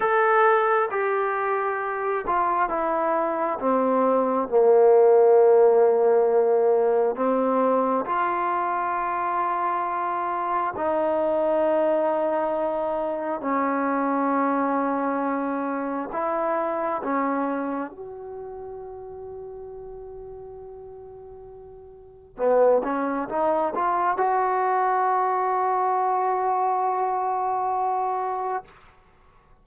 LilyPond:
\new Staff \with { instrumentName = "trombone" } { \time 4/4 \tempo 4 = 67 a'4 g'4. f'8 e'4 | c'4 ais2. | c'4 f'2. | dis'2. cis'4~ |
cis'2 e'4 cis'4 | fis'1~ | fis'4 b8 cis'8 dis'8 f'8 fis'4~ | fis'1 | }